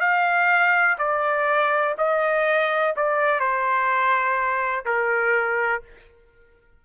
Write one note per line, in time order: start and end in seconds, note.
0.00 0.97 F5
0.98 1.95 D5
1.98 2.94 D#5
2.96 3.40 D5
3.40 4.85 C5
4.85 5.82 A#4